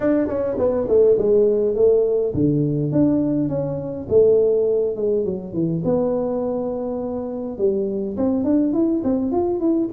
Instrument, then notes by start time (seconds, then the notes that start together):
tuba
0.00 D4
0.27 C#4
0.58 B3
0.88 A3
1.18 G#3
1.75 A3
2.34 D3
2.92 D4
3.48 C#4
4.09 A3
4.96 G#3
5.25 F#3
5.53 E3
5.84 B3
7.58 G3
8.17 C4
8.44 D4
8.73 E4
9.04 C4
9.31 F4
9.60 E4